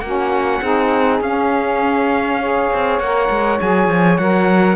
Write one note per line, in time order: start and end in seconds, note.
0.00 0.61 A#3
0.00 0.63 C#4
0.00 0.62 F#4
0.00 1.19 F#5
0.62 1.21 C4
0.62 1.22 D#4
0.62 2.39 G#4
1.21 2.69 C#4
1.21 2.42 C#4
1.21 3.00 F5
2.39 3.01 G#4
2.39 4.76 C#5
2.73 2.99 C4
2.99 3.29 A#3
2.99 3.59 A#4
2.99 3.59 F#5
3.30 3.60 G#3
3.59 3.88 F#3
3.59 4.18 G#4
3.59 4.18 G#5
3.88 4.18 F3
4.18 4.76 F#3
4.18 4.76 A#4
4.18 4.76 F#5